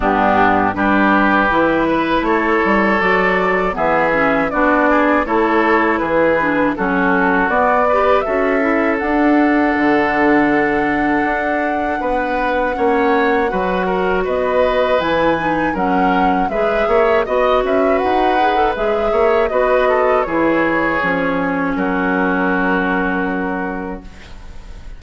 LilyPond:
<<
  \new Staff \with { instrumentName = "flute" } { \time 4/4 \tempo 4 = 80 g'4 b'2 cis''4 | d''4 e''4 d''4 cis''4 | b'4 a'4 d''4 e''4 | fis''1~ |
fis''2. dis''4 | gis''4 fis''4 e''4 dis''8 e''8 | fis''4 e''4 dis''4 cis''4~ | cis''4 ais'2. | }
  \new Staff \with { instrumentName = "oboe" } { \time 4/4 d'4 g'4. b'8 a'4~ | a'4 gis'4 fis'8 gis'8 a'4 | gis'4 fis'4. b'8 a'4~ | a'1 |
b'4 cis''4 b'8 ais'8 b'4~ | b'4 ais'4 b'8 cis''8 dis''8 b'8~ | b'4. cis''8 b'8 a'8 gis'4~ | gis'4 fis'2. | }
  \new Staff \with { instrumentName = "clarinet" } { \time 4/4 b4 d'4 e'2 | fis'4 b8 cis'8 d'4 e'4~ | e'8 d'8 cis'4 b8 g'8 fis'8 e'8 | d'1~ |
d'4 cis'4 fis'2 | e'8 dis'8 cis'4 gis'4 fis'4~ | fis'8 gis'16 a'16 gis'4 fis'4 e'4 | cis'1 | }
  \new Staff \with { instrumentName = "bassoon" } { \time 4/4 g,4 g4 e4 a8 g8 | fis4 e4 b4 a4 | e4 fis4 b4 cis'4 | d'4 d2 d'4 |
b4 ais4 fis4 b4 | e4 fis4 gis8 ais8 b8 cis'8 | dis'4 gis8 ais8 b4 e4 | f4 fis2. | }
>>